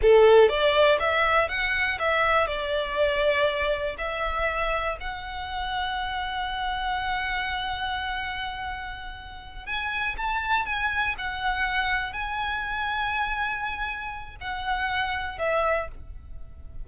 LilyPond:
\new Staff \with { instrumentName = "violin" } { \time 4/4 \tempo 4 = 121 a'4 d''4 e''4 fis''4 | e''4 d''2. | e''2 fis''2~ | fis''1~ |
fis''2.~ fis''8 gis''8~ | gis''8 a''4 gis''4 fis''4.~ | fis''8 gis''2.~ gis''8~ | gis''4 fis''2 e''4 | }